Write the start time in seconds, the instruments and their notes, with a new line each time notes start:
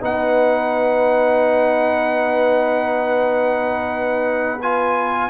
0.00 tuba B3, trombone D#4, horn B4, trumpet F#5
4.61 trombone F4, trumpet G#5